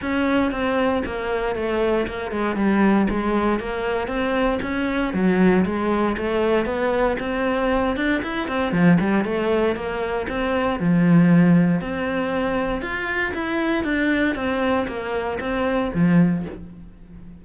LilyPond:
\new Staff \with { instrumentName = "cello" } { \time 4/4 \tempo 4 = 117 cis'4 c'4 ais4 a4 | ais8 gis8 g4 gis4 ais4 | c'4 cis'4 fis4 gis4 | a4 b4 c'4. d'8 |
e'8 c'8 f8 g8 a4 ais4 | c'4 f2 c'4~ | c'4 f'4 e'4 d'4 | c'4 ais4 c'4 f4 | }